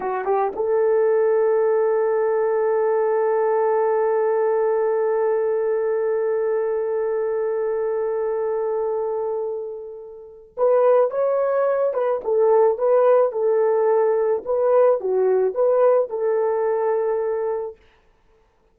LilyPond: \new Staff \with { instrumentName = "horn" } { \time 4/4 \tempo 4 = 108 fis'8 g'8 a'2.~ | a'1~ | a'1~ | a'1~ |
a'2. b'4 | cis''4. b'8 a'4 b'4 | a'2 b'4 fis'4 | b'4 a'2. | }